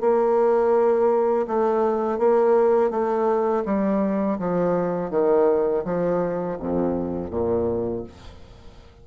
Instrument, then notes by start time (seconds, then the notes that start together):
bassoon
0.00 A#3
1.47 A3
2.18 A#3
2.90 A3
3.65 G3
4.38 F3
5.10 D#3
5.84 F3
6.59 F2
7.30 A#2